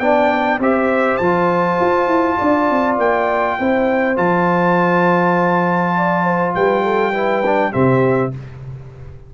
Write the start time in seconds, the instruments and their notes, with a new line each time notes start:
0.00 tuba B3, trombone D4, horn D5, trumpet G5
0.59 tuba C4, trombone G4, horn C5, trumpet E5
1.17 tuba F3, trombone F4, trumpet A5
1.80 tuba F4
2.07 tuba E4
2.38 tuba D4, horn D5
2.71 tuba C4
2.98 tuba A#3, trumpet G5
3.59 tuba C4, trombone E4, horn C5
4.17 tuba F3, trombone F4, trumpet A5
5.97 horn D5
6.24 horn C5
6.55 tuba G3, horn B4, trumpet G5
6.83 horn A4
7.12 trombone E4, horn B4
7.46 trombone D4
7.72 tuba C3, trombone C4, horn G4, trumpet E5